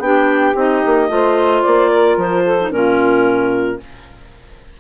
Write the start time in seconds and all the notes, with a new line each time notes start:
0.00 B3 D4 G4 G5
0.56 C4 D#4 D#5
0.86 A#3
1.09 A3 F4 C5
1.63 A#3 D5
1.91 A#4
2.17 F3 C5
2.44 A4
2.62 D#4
2.72 A#2 C#4 F4 A#4